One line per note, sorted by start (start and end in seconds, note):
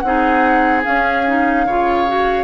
0.00 0.85 C4
0.00 0.84 D#4
0.00 0.81 F#5
0.07 1.67 G#4
0.84 1.24 C#4
0.84 1.66 C#4
0.84 2.44 F5
1.27 1.67 D#4
1.66 2.44 C#3
1.66 2.07 F4
1.66 2.44 C#5
2.07 2.44 F#4